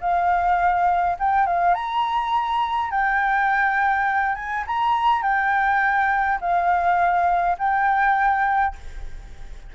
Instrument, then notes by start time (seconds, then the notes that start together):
flute
0.00 F5
1.19 G5
1.46 F5
1.74 A#5
2.90 G5
4.35 G#5
4.67 A#5
5.22 G5
6.41 F5
7.58 G5